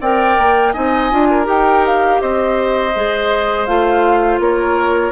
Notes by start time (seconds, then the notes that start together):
0.00 C4 A#4 D5 G5
0.38 A#3
0.71 C4 D#4 D#5 G#5
1.11 D4 F4
1.30 A#4
1.44 D#4 G4 G5
1.86 F5
2.20 C4 C5 D#5
2.95 G#3 G#4
3.66 A3 F4 F5
4.39 A#3 A#4 C#5